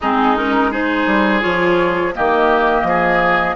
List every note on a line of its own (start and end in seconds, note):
0.00 1.06 G#3
0.00 0.36 C4
0.00 0.71 D#4
0.00 0.36 G#4
0.36 0.71 C#4
0.36 0.72 A#4
0.71 1.40 D#4
0.71 2.14 G#4
0.71 1.41 C5
1.06 1.42 G3
1.40 2.15 F3
1.40 2.12 F4
1.40 2.12 C#5
2.14 2.83 D#3
2.14 3.55 A#3
2.14 2.87 G4
2.14 3.55 D#5
2.83 3.54 F3
2.83 3.55 G#4